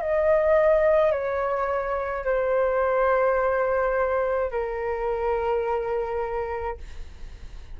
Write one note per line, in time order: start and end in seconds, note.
0.00 1.11 D#5
1.11 2.24 C#5
2.24 4.51 C5
4.51 6.77 A#4